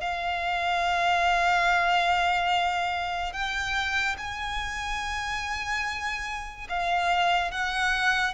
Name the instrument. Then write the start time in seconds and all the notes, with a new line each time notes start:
violin
0.00 F5
3.32 G5
4.17 G#5
6.69 F5
7.51 F#5